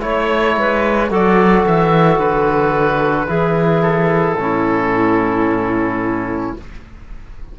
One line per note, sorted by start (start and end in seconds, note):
0.00 0.56 A3
0.00 1.09 E4
0.00 1.10 C#5
0.00 0.57 C#5
0.56 1.10 G#3
0.56 1.10 B4
1.10 1.65 F#3
1.10 3.27 F#4
1.10 3.27 A4
1.10 1.66 D5
1.66 2.18 E3
1.66 2.18 E5
2.18 3.27 D3
2.18 3.82 B4
3.27 4.34 E3
3.27 4.36 E4
3.27 4.36 G#4
3.82 6.54 A4
4.34 6.52 A2
4.34 6.57 C#4
4.40 6.58 E4